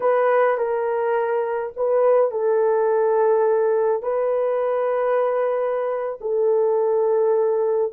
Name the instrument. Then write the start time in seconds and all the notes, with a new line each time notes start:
horn
0.00 B4
0.57 A#4
1.76 B4
2.31 A4
4.02 B4
6.20 A4